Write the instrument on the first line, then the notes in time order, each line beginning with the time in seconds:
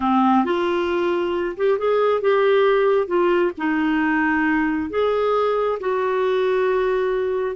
clarinet
0.00 C4
0.44 F4
1.57 G4
1.78 G#4
2.21 G4
3.07 F4
3.57 D#4
4.90 G#4
5.79 F#4